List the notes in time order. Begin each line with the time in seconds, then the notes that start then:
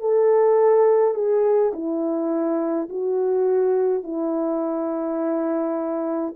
0.00 A4
1.14 G#4
1.74 E4
2.89 F#4
4.03 E4